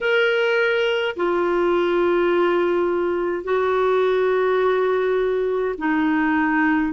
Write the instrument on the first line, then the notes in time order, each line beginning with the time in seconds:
clarinet
0.00 A#4
1.16 F4
3.44 F#4
5.77 D#4